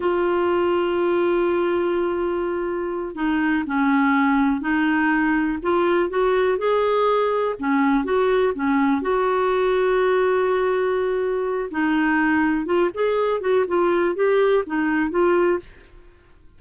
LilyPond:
\new Staff \with { instrumentName = "clarinet" } { \time 4/4 \tempo 4 = 123 f'1~ | f'2~ f'8 dis'4 cis'8~ | cis'4. dis'2 f'8~ | f'8 fis'4 gis'2 cis'8~ |
cis'8 fis'4 cis'4 fis'4.~ | fis'1 | dis'2 f'8 gis'4 fis'8 | f'4 g'4 dis'4 f'4 | }